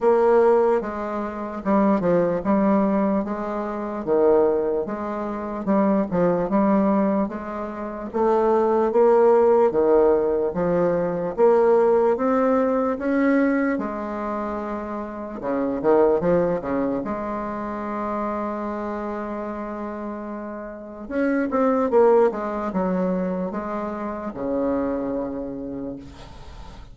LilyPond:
\new Staff \with { instrumentName = "bassoon" } { \time 4/4 \tempo 4 = 74 ais4 gis4 g8 f8 g4 | gis4 dis4 gis4 g8 f8 | g4 gis4 a4 ais4 | dis4 f4 ais4 c'4 |
cis'4 gis2 cis8 dis8 | f8 cis8 gis2.~ | gis2 cis'8 c'8 ais8 gis8 | fis4 gis4 cis2 | }